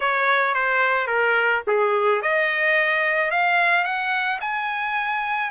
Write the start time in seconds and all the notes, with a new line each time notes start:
0.00 C#5
0.54 C5
1.07 A#4
1.67 G#4
2.21 D#5
3.30 F5
3.84 F#5
4.40 G#5